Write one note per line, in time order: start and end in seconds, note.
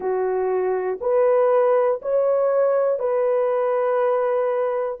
0.00 0.99 F#4
1.00 2.00 B4
2.02 2.99 C#5
2.99 4.99 B4